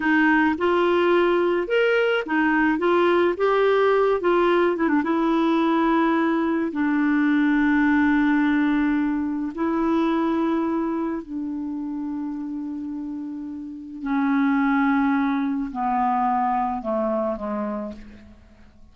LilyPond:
\new Staff \with { instrumentName = "clarinet" } { \time 4/4 \tempo 4 = 107 dis'4 f'2 ais'4 | dis'4 f'4 g'4. f'8~ | f'8 e'16 d'16 e'2. | d'1~ |
d'4 e'2. | d'1~ | d'4 cis'2. | b2 a4 gis4 | }